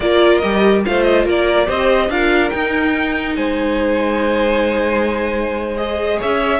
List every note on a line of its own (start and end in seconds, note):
0.00 0.42 A#3
0.00 0.42 F4
0.00 0.86 A#4
0.00 0.38 D5
0.38 0.85 G3
0.38 0.84 G4
0.38 0.80 D#5
0.84 1.25 A3
0.84 1.65 F4
0.84 1.25 C5
0.84 1.03 F5
1.03 1.24 D#5
1.25 1.67 A#3
1.25 1.66 A#4
1.25 1.69 D5
1.65 2.09 C4
1.65 2.07 G4
1.65 2.08 C5
1.65 2.10 D#5
2.09 2.51 D4
2.09 2.52 F4
2.09 3.36 A#4
2.09 2.50 F5
2.50 5.76 D#4
2.50 3.36 D#4
2.50 3.33 G5
3.36 6.19 G#3
3.36 6.18 C5
3.36 5.77 G#5
5.76 6.59 G#4
5.76 6.19 D#5
6.18 6.59 C#4
6.18 6.59 C#5
6.18 6.59 E5